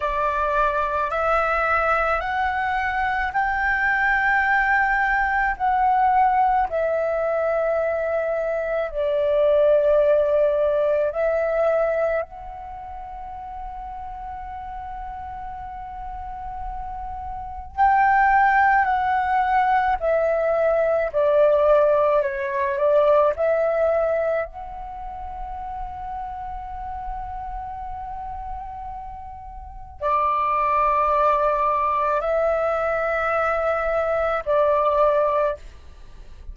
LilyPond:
\new Staff \with { instrumentName = "flute" } { \time 4/4 \tempo 4 = 54 d''4 e''4 fis''4 g''4~ | g''4 fis''4 e''2 | d''2 e''4 fis''4~ | fis''1 |
g''4 fis''4 e''4 d''4 | cis''8 d''8 e''4 fis''2~ | fis''2. d''4~ | d''4 e''2 d''4 | }